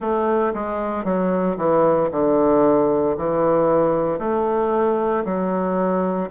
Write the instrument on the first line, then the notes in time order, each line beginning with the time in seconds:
bassoon
0.00 A3
0.54 G#3
1.04 F#3
1.57 E3
2.11 D3
3.17 E3
4.18 A3
5.24 F#3